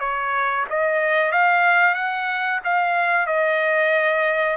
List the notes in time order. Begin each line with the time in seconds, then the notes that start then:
0.00 C#5
0.70 D#5
1.32 F5
1.95 F#5
2.64 F5
3.27 D#5